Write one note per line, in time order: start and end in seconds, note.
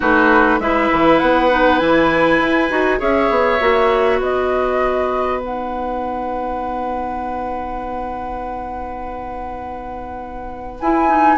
0.00 0.59 A3
0.00 0.60 D#4
0.00 0.59 F#4
0.00 0.59 B4
0.59 0.89 G#3
0.59 1.50 E4
0.59 2.99 B4
0.59 1.19 E5
0.92 1.21 E3
1.19 1.81 B3
1.19 1.78 F#5
1.50 1.79 D#4
1.78 2.39 E3
1.78 2.69 E4
1.78 2.98 G#5
2.39 2.69 E4
2.69 3.00 D#4
2.69 2.98 F#4
2.98 3.29 C#4
2.98 3.58 G#4
2.98 4.19 C#5
2.98 4.20 E5
3.29 3.60 B3
3.60 4.19 A#3
3.60 5.40 F#4
4.19 10.79 B3
4.19 11.37 B4
4.19 5.39 D#5
5.39 10.79 D#4
5.39 10.79 F#5
10.80 11.37 E4
10.80 11.08 E4
10.80 11.37 G#5
11.08 11.37 D#4